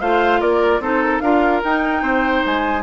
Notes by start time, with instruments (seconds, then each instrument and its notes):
0.00 bassoon A3, clarinet F4, oboe C5, flute F5
0.40 bassoon A#3, oboe A#4, flute D5
0.79 bassoon C4, clarinet D#4, oboe A4, flute C5
1.02 flute A#4
1.20 bassoon D4, clarinet F4, oboe A#4, flute F5
1.64 bassoon D#4, clarinet D#4, flute G5
2.02 bassoon C4, oboe C5
2.45 bassoon G#3, flute G#5